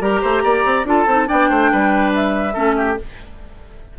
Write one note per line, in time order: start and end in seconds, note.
0.00 0.21 G3
0.00 0.85 G4
0.00 0.21 A#4
0.00 0.86 A#5
0.21 0.43 A3
0.21 0.42 C5
0.43 0.64 A#3
0.43 0.86 D5
0.65 0.84 C4
0.84 1.06 D4
0.84 1.06 F4
0.84 1.28 A4
0.84 1.28 A5
1.06 1.27 C4
1.06 1.26 D#4
1.26 1.50 B3
1.26 2.53 D4
1.26 1.49 D5
1.26 2.13 G5
1.49 1.71 A3
1.49 1.70 C5
1.72 2.56 G3
1.72 2.53 B4
2.14 2.98 E5
2.53 2.98 A3
2.53 2.96 C#4
2.53 2.74 A4
2.76 2.98 G4